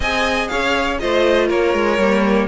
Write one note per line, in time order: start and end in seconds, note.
0.00 0.49 C4
0.00 0.99 G#4
0.00 0.49 D#5
0.00 0.48 G#5
0.48 1.01 C#4
0.48 1.01 C#5
0.48 0.97 F5
0.99 1.49 A3
0.99 1.99 F4
0.99 1.47 C5
0.99 1.49 D#5
1.47 1.73 A#3
1.47 2.46 A#4
1.47 2.48 C#5
1.73 1.97 G#3
1.97 2.47 G3
1.97 2.48 A#3